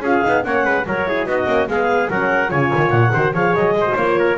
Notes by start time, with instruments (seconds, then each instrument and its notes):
0.00 double bass C#4, horn F4, trumpet G#4, clarinet F5
0.23 double bass B3, horn D#4
0.43 double bass A#3, horn C#4, trumpet C#5, clarinet F#5
0.65 double bass G#3, trumpet B4
0.86 double bass F#3, horn F#4, trumpet A#4, clarinet C#5
1.07 horn E4, trumpet G#4
1.25 double bass B3, horn D#4, trumpet F#4, clarinet D#5
1.46 double bass A#3, horn C#4
1.67 double bass G#3, horn B3, trumpet G#4, clarinet F5
2.10 double bass F#3, horn C#4, trumpet A#4, clarinet F#5
2.47 double bass C#3, horn F4, trumpet C#5, clarinet G#5
2.75 double bass D#3
2.90 double bass A#2, clarinet F#5
3.13 double bass D#3, horn F#4, trumpet C5
3.33 double bass F3, horn G#4, trumpet C#5, clarinet F5
3.54 double bass F#3, clarinet D#5
3.72 double bass G#3
3.80 horn F#4, trumpet C5
3.95 double bass A#3, horn F4, clarinet C#5
4.19 trumpet A#4